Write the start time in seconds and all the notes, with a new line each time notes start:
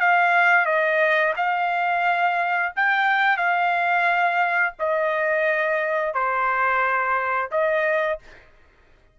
0.00 F5
0.65 D#5
1.36 F5
2.76 G5
3.37 F5
4.79 D#5
6.14 C5
7.51 D#5